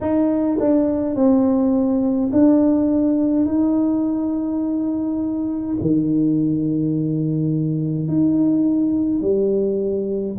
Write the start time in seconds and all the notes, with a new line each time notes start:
0.00 D#4
0.59 D4
1.15 C4
2.32 D4
3.45 D#4
5.81 D#3
8.08 D#4
9.21 G3